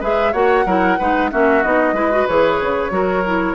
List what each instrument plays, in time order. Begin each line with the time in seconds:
0.00 bassoon G#3, clarinet G#4, oboe B4, flute E5
0.32 bassoon A#3, clarinet F#4, oboe C#5, flute F#5
0.65 bassoon F#3, clarinet E4, oboe A#4
0.98 bassoon G#3, clarinet D#4, oboe B4
1.31 bassoon A#3, clarinet C#4, oboe F#4, flute E5
1.62 bassoon B3, clarinet D#4, flute D#5
1.92 bassoon G#3, clarinet E4, oboe B4
2.11 clarinet F#4
2.27 bassoon E3, clarinet G#4, flute C#5
2.60 bassoon C#3
2.90 bassoon F#3, clarinet F#4, oboe A#4
3.26 clarinet E4